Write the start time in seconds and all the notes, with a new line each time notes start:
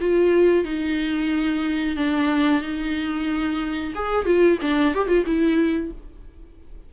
0.00 F4
0.64 D#4
1.96 D4
2.61 D#4
3.94 G#4
4.25 F4
4.61 D4
4.94 G4
5.08 F4
5.25 E4